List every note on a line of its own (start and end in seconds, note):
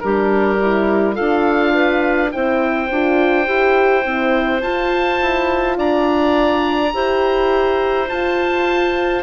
0.00 1.19 G3
0.00 0.60 D4
0.00 1.14 G4
0.00 1.15 A#4
0.62 1.15 E4
1.14 2.34 D4
1.14 2.30 F4
1.14 1.71 A4
1.14 2.30 F5
1.74 2.31 B4
2.31 2.90 C4
2.31 2.89 E4
2.31 5.77 C5
2.31 4.61 G5
2.90 3.48 D4
2.90 3.46 F4
3.46 4.05 E4
3.46 4.04 G4
4.04 4.63 C4
4.04 4.62 E4
4.61 6.93 F4
4.61 5.20 F4
4.61 5.77 A5
5.21 5.78 E4
5.77 6.93 D4
5.77 6.93 D5
5.77 8.09 A#5
6.93 8.09 E4
6.93 8.08 G4
6.93 9.23 C5
8.08 9.23 F4
8.08 9.23 A5